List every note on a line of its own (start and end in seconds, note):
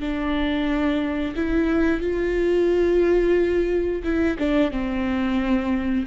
0.00 1.35 D4
1.35 2.00 E4
2.00 4.03 F4
4.03 4.37 E4
4.39 4.71 D4
4.71 6.06 C4